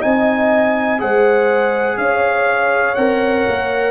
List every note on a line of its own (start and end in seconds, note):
0.00 1.02 C4
0.00 0.99 D#4
0.00 0.98 D#5
0.00 1.00 G#5
0.99 1.97 G#3
0.99 2.95 G#4
0.99 1.98 C5
0.99 1.97 F#5
1.97 2.96 C#4
1.97 3.91 C#5
1.97 2.95 F5
2.95 3.46 C4
2.95 3.91 A#4
2.95 3.91 F#5
3.48 3.91 A#3